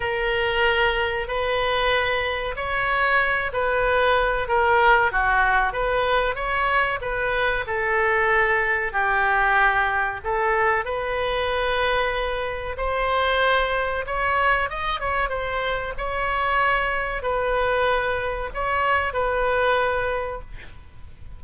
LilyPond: \new Staff \with { instrumentName = "oboe" } { \time 4/4 \tempo 4 = 94 ais'2 b'2 | cis''4. b'4. ais'4 | fis'4 b'4 cis''4 b'4 | a'2 g'2 |
a'4 b'2. | c''2 cis''4 dis''8 cis''8 | c''4 cis''2 b'4~ | b'4 cis''4 b'2 | }